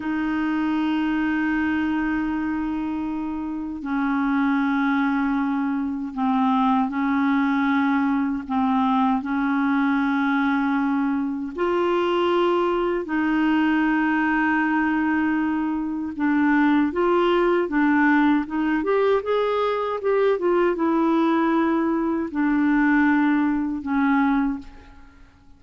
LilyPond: \new Staff \with { instrumentName = "clarinet" } { \time 4/4 \tempo 4 = 78 dis'1~ | dis'4 cis'2. | c'4 cis'2 c'4 | cis'2. f'4~ |
f'4 dis'2.~ | dis'4 d'4 f'4 d'4 | dis'8 g'8 gis'4 g'8 f'8 e'4~ | e'4 d'2 cis'4 | }